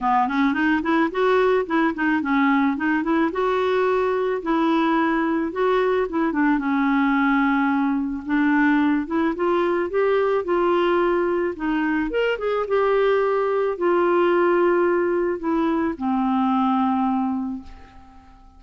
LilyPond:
\new Staff \with { instrumentName = "clarinet" } { \time 4/4 \tempo 4 = 109 b8 cis'8 dis'8 e'8 fis'4 e'8 dis'8 | cis'4 dis'8 e'8 fis'2 | e'2 fis'4 e'8 d'8 | cis'2. d'4~ |
d'8 e'8 f'4 g'4 f'4~ | f'4 dis'4 ais'8 gis'8 g'4~ | g'4 f'2. | e'4 c'2. | }